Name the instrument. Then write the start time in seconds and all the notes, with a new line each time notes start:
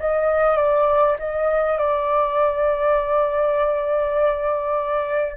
flute
0.00 D#5
0.57 D5
1.20 D#5
1.79 D5